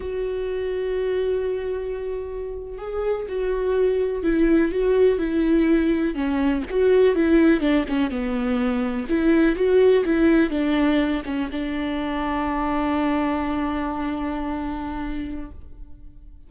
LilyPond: \new Staff \with { instrumentName = "viola" } { \time 4/4 \tempo 4 = 124 fis'1~ | fis'4.~ fis'16 gis'4 fis'4~ fis'16~ | fis'8. e'4 fis'4 e'4~ e'16~ | e'8. cis'4 fis'4 e'4 d'16~ |
d'16 cis'8 b2 e'4 fis'16~ | fis'8. e'4 d'4. cis'8 d'16~ | d'1~ | d'1 | }